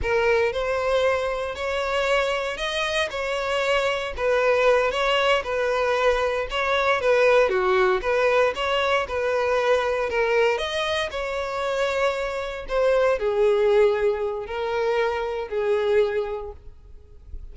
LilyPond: \new Staff \with { instrumentName = "violin" } { \time 4/4 \tempo 4 = 116 ais'4 c''2 cis''4~ | cis''4 dis''4 cis''2 | b'4. cis''4 b'4.~ | b'8 cis''4 b'4 fis'4 b'8~ |
b'8 cis''4 b'2 ais'8~ | ais'8 dis''4 cis''2~ cis''8~ | cis''8 c''4 gis'2~ gis'8 | ais'2 gis'2 | }